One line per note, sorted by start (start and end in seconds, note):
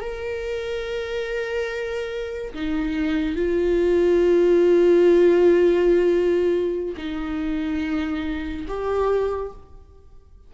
0.00 2.54 A#4
2.54 3.36 D#4
3.36 6.95 F4
6.97 8.66 D#4
8.67 9.52 G4